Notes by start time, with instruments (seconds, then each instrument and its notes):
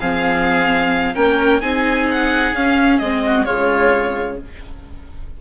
0.00 bassoon F3, viola C4, oboe G#4, violin F5
1.15 bassoon A#3, viola C#4, oboe A#4, violin G5
1.61 bassoon C4, viola D#4, oboe G#4, violin G#5
2.11 violin F#5
2.53 bassoon C#4, viola C#4, violin F5
2.99 bassoon G#3, viola C4, violin D#5
3.27 oboe F#4
3.45 bassoon C#3, viola G#3, oboe F4, violin C#5